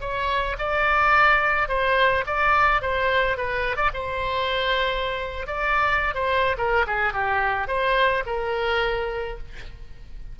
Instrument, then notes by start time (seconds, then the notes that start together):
oboe
0.00 C#5
0.58 D5
1.68 C5
2.26 D5
2.81 C5
3.37 B4
3.76 D5
3.93 C5
5.46 D5
6.14 C5
6.57 A#4
6.86 G#4
7.13 G4
7.67 C5
8.26 A#4